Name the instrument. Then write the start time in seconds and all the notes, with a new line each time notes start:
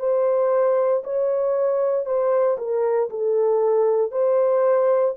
horn
0.00 C5
1.04 C#5
2.06 C5
2.58 A#4
3.10 A4
4.11 C5